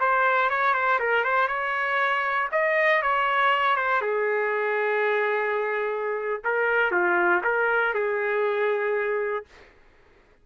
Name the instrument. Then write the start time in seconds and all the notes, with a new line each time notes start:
trumpet
0.00 C5
0.50 C#5
0.74 C5
1.00 A#4
1.25 C5
1.48 C#5
2.52 D#5
3.03 C#5
3.77 C5
4.02 G#4
6.45 A#4
6.92 F4
7.44 A#4
7.94 G#4